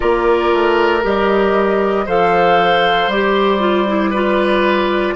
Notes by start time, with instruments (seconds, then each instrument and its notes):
0.00 bassoon A#3, clarinet F4, oboe A#4, flute D5
0.52 bassoon A3
1.03 bassoon G3, clarinet G4, flute D#5
2.05 bassoon F3, clarinet A4, oboe C5, flute F5
3.07 bassoon G3, clarinet G4, flute D5
3.59 clarinet F4
3.87 clarinet E4
4.10 clarinet F4, oboe B4